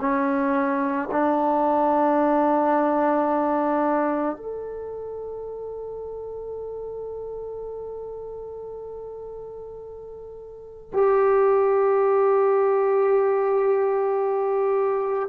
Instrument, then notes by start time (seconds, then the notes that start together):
trombone
0.00 C#4
1.11 D4
4.36 A4
10.92 G4